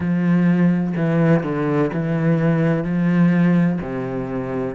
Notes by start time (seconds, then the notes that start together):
0.00 F3
0.96 E3
1.43 D3
1.93 E3
2.84 F3
3.81 C3